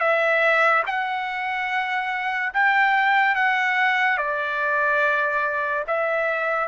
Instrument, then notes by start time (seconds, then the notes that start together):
trumpet
0.00 E5
0.86 F#5
2.54 G5
3.35 F#5
4.17 D5
5.87 E5